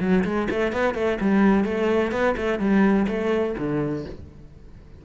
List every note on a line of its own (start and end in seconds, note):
0.00 0.24 F#3
0.24 0.47 G#3
0.50 0.72 A3
0.72 0.94 B3
0.94 1.18 A3
1.20 1.64 G3
1.64 2.11 A3
2.11 2.35 B3
2.36 2.59 A3
2.59 3.06 G3
3.07 3.55 A3
3.57 4.05 D3